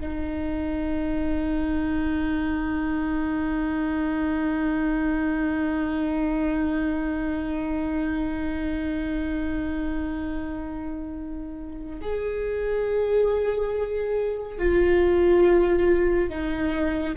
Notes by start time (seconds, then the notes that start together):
0.00 D#4
12.01 G#4
14.58 F4
16.29 D#4